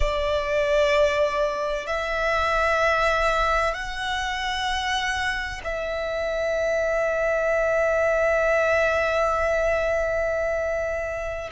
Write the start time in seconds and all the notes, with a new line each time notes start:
0.00 D5
1.86 E5
3.73 F#5
5.64 E5